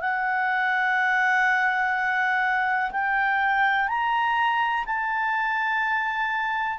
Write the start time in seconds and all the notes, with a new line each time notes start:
0.00 F#5
2.91 G5
3.88 A#5
4.85 A5